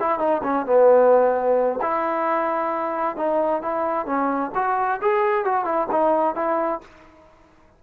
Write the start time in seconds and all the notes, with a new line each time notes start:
0.00 E4
0.19 D#4
0.43 C#4
0.66 B3
1.82 E4
3.17 D#4
3.62 E4
4.06 C#4
4.55 F#4
5.01 G#4
5.45 F#4
5.65 E4
5.91 D#4
6.35 E4